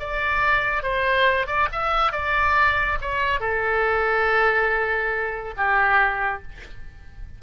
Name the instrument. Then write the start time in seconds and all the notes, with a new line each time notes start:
oboe
0.00 D5
0.83 C5
1.47 D5
1.72 E5
2.13 D5
3.02 C#5
3.40 A4
5.57 G4